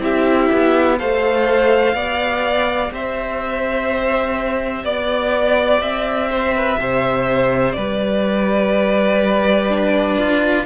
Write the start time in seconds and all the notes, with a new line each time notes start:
0.00 C4 E4 G4 E5
0.53 B3
0.99 A3 A4 C5 F5
1.94 B3 G4 D5
2.92 C4 C5 E5
4.84 B3 D5
5.81 C4 E5
6.31 C5
6.56 B4
6.79 C3 C5
7.73 G3 B4 D5
9.69 D4
10.18 F4